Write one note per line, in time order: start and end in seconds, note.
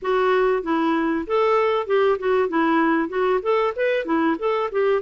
0.01 0.62 F#4
0.62 1.25 E4
1.26 1.86 A4
1.86 2.18 G4
2.18 2.48 F#4
2.48 3.08 E4
3.08 3.39 F#4
3.42 3.73 A4
3.76 4.05 B4
4.05 4.36 E4
4.38 4.70 A4
4.71 5.02 G4